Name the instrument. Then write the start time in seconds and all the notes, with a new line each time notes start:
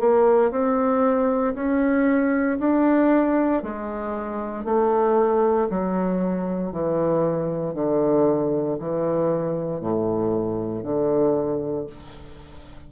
bassoon
0.00 A#3
0.51 C4
1.55 C#4
2.59 D4
3.63 G#3
4.65 A3
5.69 F#3
6.72 E3
7.74 D3
8.79 E3
9.80 A2
10.83 D3